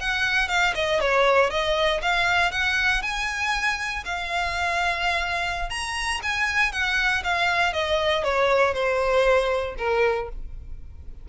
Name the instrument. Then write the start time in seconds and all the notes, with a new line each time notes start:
violin
0.00 F#5
0.48 F5
0.74 D#5
1.00 C#5
1.50 D#5
2.02 F5
2.51 F#5
3.02 G#5
4.05 F5
5.70 A#5
6.22 G#5
6.72 F#5
7.23 F5
7.73 D#5
8.23 C#5
8.73 C5
9.78 A#4